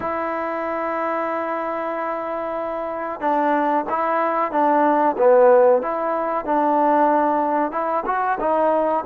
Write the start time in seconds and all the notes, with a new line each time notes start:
0.00 E4
3.20 D4
3.89 E4
4.51 D4
5.17 B3
5.82 E4
6.45 D4
7.71 E4
8.06 F#4
8.40 D#4